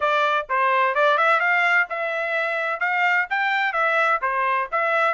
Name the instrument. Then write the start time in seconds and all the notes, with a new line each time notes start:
trumpet
0.00 D5
0.49 C5
0.95 D5
1.17 E5
1.39 F5
1.89 E5
2.80 F5
3.30 G5
3.72 E5
4.21 C5
4.71 E5